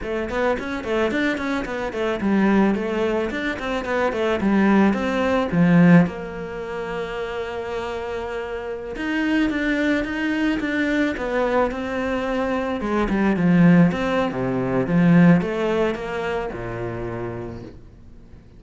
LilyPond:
\new Staff \with { instrumentName = "cello" } { \time 4/4 \tempo 4 = 109 a8 b8 cis'8 a8 d'8 cis'8 b8 a8 | g4 a4 d'8 c'8 b8 a8 | g4 c'4 f4 ais4~ | ais1~ |
ais16 dis'4 d'4 dis'4 d'8.~ | d'16 b4 c'2 gis8 g16~ | g16 f4 c'8. c4 f4 | a4 ais4 ais,2 | }